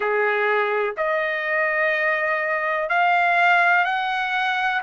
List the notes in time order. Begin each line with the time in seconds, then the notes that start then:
0.00 G#4
0.97 D#5
2.89 F5
3.84 F#5